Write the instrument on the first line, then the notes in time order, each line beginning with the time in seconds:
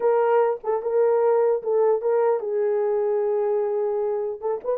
horn
0.00 A#4
0.63 A4
0.82 A#4
1.63 A4
2.01 A#4
2.40 G#4
4.41 A4
4.63 B4